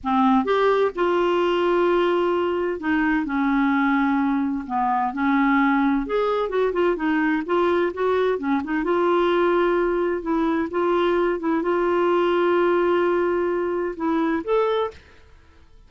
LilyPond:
\new Staff \with { instrumentName = "clarinet" } { \time 4/4 \tempo 4 = 129 c'4 g'4 f'2~ | f'2 dis'4 cis'4~ | cis'2 b4 cis'4~ | cis'4 gis'4 fis'8 f'8 dis'4 |
f'4 fis'4 cis'8 dis'8 f'4~ | f'2 e'4 f'4~ | f'8 e'8 f'2.~ | f'2 e'4 a'4 | }